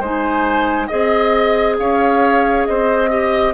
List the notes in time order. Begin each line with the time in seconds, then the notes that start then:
0.00 G#3 D#4 C5 G#5
0.88 C4 G#4 D#5
1.79 C#4 C#5 F5
2.66 C4 C5 D#5
3.10 G4 D#5